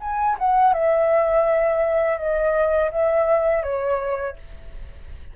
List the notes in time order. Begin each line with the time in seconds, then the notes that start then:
0.00 G#5
0.38 F#5
0.73 E5
2.18 D#5
2.91 E5
3.63 C#5